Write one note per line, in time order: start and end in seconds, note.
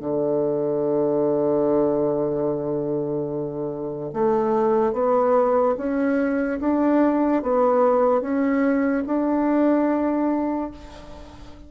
0.00 4.11 D3
4.13 4.93 A3
4.93 5.75 B3
5.77 6.59 C#4
6.60 7.42 D4
7.42 8.21 B3
8.21 9.03 C#4
9.06 10.71 D4